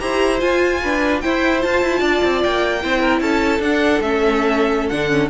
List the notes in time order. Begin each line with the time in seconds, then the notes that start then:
0.00 E4 G4 C5 A#5
0.40 F4 G#5
0.82 D4 B4
1.21 E4 C5 G5
1.60 F4 A5
1.82 E4
2.00 D4 D5
2.24 C4
2.44 A#3 G5
2.82 C4 E4 C5
3.01 A#4
3.21 C#4 A4 A5
3.60 D4 F#5
4.01 A3 C#4 E5
4.89 D3 D4 F#5
5.10 C#4